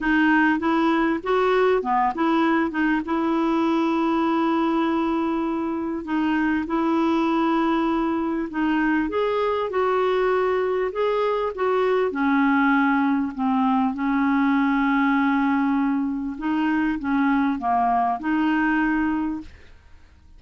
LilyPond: \new Staff \with { instrumentName = "clarinet" } { \time 4/4 \tempo 4 = 99 dis'4 e'4 fis'4 b8 e'8~ | e'8 dis'8 e'2.~ | e'2 dis'4 e'4~ | e'2 dis'4 gis'4 |
fis'2 gis'4 fis'4 | cis'2 c'4 cis'4~ | cis'2. dis'4 | cis'4 ais4 dis'2 | }